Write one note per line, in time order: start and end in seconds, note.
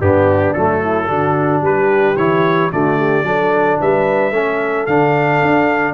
0.00 0.55 G2
0.00 0.55 B3
0.00 0.81 D4
0.00 0.53 G4
0.53 1.09 F#3
0.53 1.08 A3
0.53 1.61 A4
0.81 1.08 E4
1.08 1.61 D3
1.08 2.16 D4
1.08 1.63 F#4
1.61 2.15 G3
1.61 2.73 G4
1.61 2.17 B4
2.17 2.71 E3
2.17 2.72 E4
2.17 2.71 C#5
2.72 3.23 D3
2.72 3.24 A3
2.72 2.99 F#4
2.72 3.81 D5
2.99 3.26 G4
3.23 3.77 F#3
3.23 4.33 D4
3.23 3.81 A4
3.81 4.32 G3
3.81 4.35 B4
3.81 4.87 E5
4.32 4.86 A3
4.32 4.89 C#4
4.32 5.95 A4
4.87 5.42 D3
4.87 5.95 D4
4.87 5.95 F5
5.42 5.95 D4